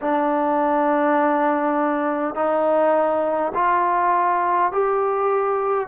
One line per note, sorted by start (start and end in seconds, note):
0.01 2.34 D4
2.34 3.52 D#4
3.54 4.72 F4
4.72 5.87 G4